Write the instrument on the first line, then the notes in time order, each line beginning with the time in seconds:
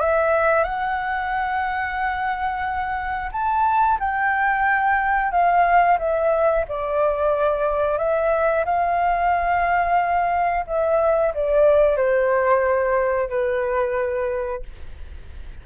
flute
0.00 E5
0.64 F#5
3.32 A5
4.00 G5
5.32 F5
5.99 E5
6.68 D5
7.98 E5
8.65 F5
10.67 E5
11.34 D5
11.97 C5
13.29 B4